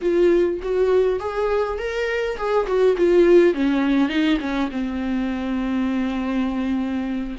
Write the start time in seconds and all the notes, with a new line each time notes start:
0.01 F4
0.62 F#4
1.19 G#4
1.78 A#4
2.37 G#4
2.66 F#4
2.97 F4
3.54 C#4
4.08 D#4
4.40 C#4
4.71 C4